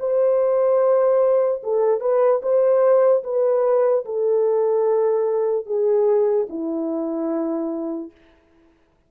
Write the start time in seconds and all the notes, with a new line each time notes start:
0.00 C5
1.64 A4
2.01 B4
2.43 C5
3.24 B4
4.05 A4
5.66 G#4
6.49 E4